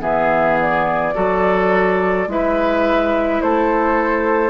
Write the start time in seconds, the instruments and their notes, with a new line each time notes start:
0.00 bassoon E3, clarinet B3, oboe G#4, flute E5
0.61 flute D5
1.14 bassoon F#3, clarinet F#4, oboe A4
2.27 bassoon G#3, clarinet E4, oboe B4, flute E5
3.42 bassoon A3, oboe A4, flute C5